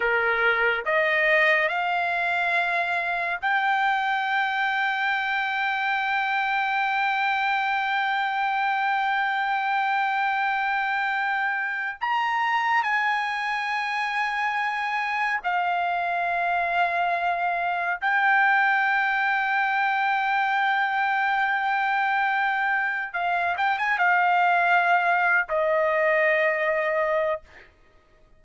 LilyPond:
\new Staff \with { instrumentName = "trumpet" } { \time 4/4 \tempo 4 = 70 ais'4 dis''4 f''2 | g''1~ | g''1~ | g''2 ais''4 gis''4~ |
gis''2 f''2~ | f''4 g''2.~ | g''2. f''8 g''16 gis''16 | f''4.~ f''16 dis''2~ dis''16 | }